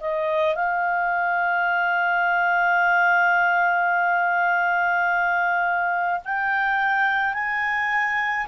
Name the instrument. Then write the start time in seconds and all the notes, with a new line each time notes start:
clarinet
0.00 D#5
0.55 F5
6.25 G5
7.34 G#5